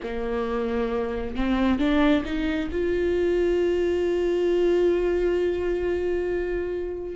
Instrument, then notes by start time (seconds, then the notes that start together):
viola
0.03 A#3
1.35 C4
1.78 D4
2.24 D#4
2.71 F4